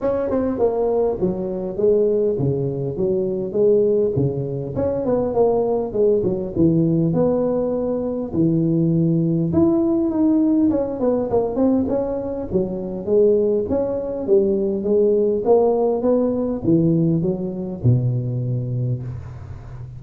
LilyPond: \new Staff \with { instrumentName = "tuba" } { \time 4/4 \tempo 4 = 101 cis'8 c'8 ais4 fis4 gis4 | cis4 fis4 gis4 cis4 | cis'8 b8 ais4 gis8 fis8 e4 | b2 e2 |
e'4 dis'4 cis'8 b8 ais8 c'8 | cis'4 fis4 gis4 cis'4 | g4 gis4 ais4 b4 | e4 fis4 b,2 | }